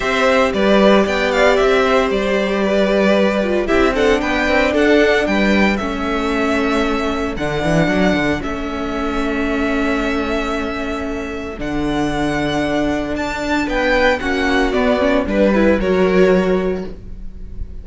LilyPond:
<<
  \new Staff \with { instrumentName = "violin" } { \time 4/4 \tempo 4 = 114 e''4 d''4 g''8 f''8 e''4 | d''2. e''8 fis''8 | g''4 fis''4 g''4 e''4~ | e''2 fis''2 |
e''1~ | e''2 fis''2~ | fis''4 a''4 g''4 fis''4 | d''4 b'4 cis''2 | }
  \new Staff \with { instrumentName = "violin" } { \time 4/4 c''4 b'4 d''4. c''8~ | c''4 b'2 g'8 a'8 | b'4 a'4 b'4 a'4~ | a'1~ |
a'1~ | a'1~ | a'2 b'4 fis'4~ | fis'4 b'4 ais'2 | }
  \new Staff \with { instrumentName = "viola" } { \time 4/4 g'1~ | g'2~ g'8 f'8 e'8 d'8~ | d'2. cis'4~ | cis'2 d'2 |
cis'1~ | cis'2 d'2~ | d'2. cis'4 | b8 cis'8 d'8 e'8 fis'2 | }
  \new Staff \with { instrumentName = "cello" } { \time 4/4 c'4 g4 b4 c'4 | g2. c'4 | b8 c'8 d'4 g4 a4~ | a2 d8 e8 fis8 d8 |
a1~ | a2 d2~ | d4 d'4 b4 ais4 | b4 g4 fis2 | }
>>